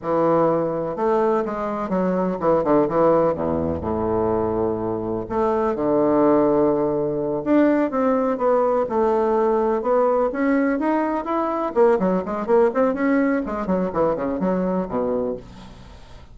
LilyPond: \new Staff \with { instrumentName = "bassoon" } { \time 4/4 \tempo 4 = 125 e2 a4 gis4 | fis4 e8 d8 e4 e,4 | a,2. a4 | d2.~ d8 d'8~ |
d'8 c'4 b4 a4.~ | a8 b4 cis'4 dis'4 e'8~ | e'8 ais8 fis8 gis8 ais8 c'8 cis'4 | gis8 fis8 e8 cis8 fis4 b,4 | }